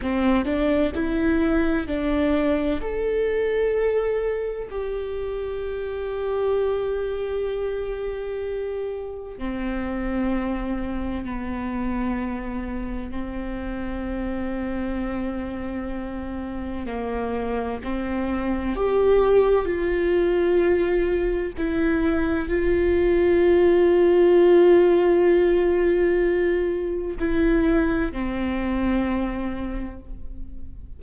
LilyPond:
\new Staff \with { instrumentName = "viola" } { \time 4/4 \tempo 4 = 64 c'8 d'8 e'4 d'4 a'4~ | a'4 g'2.~ | g'2 c'2 | b2 c'2~ |
c'2 ais4 c'4 | g'4 f'2 e'4 | f'1~ | f'4 e'4 c'2 | }